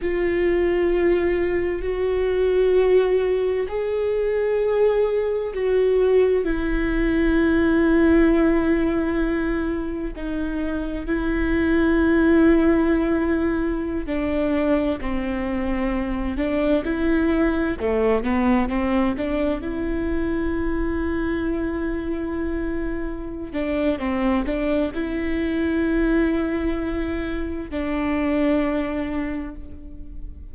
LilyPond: \new Staff \with { instrumentName = "viola" } { \time 4/4 \tempo 4 = 65 f'2 fis'2 | gis'2 fis'4 e'4~ | e'2. dis'4 | e'2.~ e'16 d'8.~ |
d'16 c'4. d'8 e'4 a8 b16~ | b16 c'8 d'8 e'2~ e'8.~ | e'4. d'8 c'8 d'8 e'4~ | e'2 d'2 | }